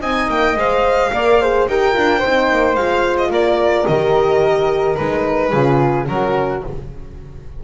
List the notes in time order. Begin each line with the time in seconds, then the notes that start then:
0.00 C4 D#4 D#5 G#5
0.29 A#3 G5
0.56 G#3 C5 F5
1.12 A#3 A#4 D5
1.41 G#4 C5
1.68 D#4 G4 A#4 G5
1.93 D4 F4
2.18 D#4 C5
2.25 C4
2.50 A#3
2.75 G#3 F4 F5
3.17 D#5
3.30 A#3 A#4 D5
3.87 D#3 G4 D#5
4.96 G#3 D#4 B4
5.50 C#3 F4 G#4
6.08 F#3 C#4 F#4 A#4